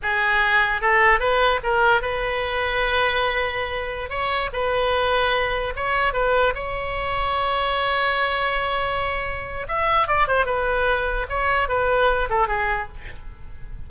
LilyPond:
\new Staff \with { instrumentName = "oboe" } { \time 4/4 \tempo 4 = 149 gis'2 a'4 b'4 | ais'4 b'2.~ | b'2~ b'16 cis''4 b'8.~ | b'2~ b'16 cis''4 b'8.~ |
b'16 cis''2.~ cis''8.~ | cis''1 | e''4 d''8 c''8 b'2 | cis''4 b'4. a'8 gis'4 | }